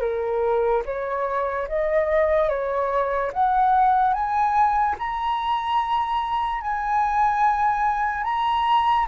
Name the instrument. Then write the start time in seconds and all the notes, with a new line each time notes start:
flute
0.00 A#4
0.85 C#5
1.68 D#5
2.49 C#5
3.33 F#5
4.13 G#5
4.98 A#5
6.61 G#5
8.23 A#5